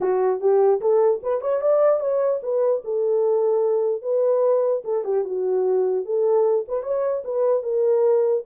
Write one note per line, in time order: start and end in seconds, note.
0.00 0.40 F#4
0.40 0.80 G4
0.81 1.21 A4
1.22 1.41 B4
1.41 1.61 C#5
1.61 2.00 D5
2.00 2.40 C#5
2.42 2.83 B4
2.84 4.02 A4
4.02 4.82 B4
4.84 5.04 A4
5.04 5.24 G4
5.24 6.05 F#4
6.05 6.65 A4
6.68 6.82 B4
6.82 7.23 C#5
7.24 7.63 B4
7.63 8.43 A#4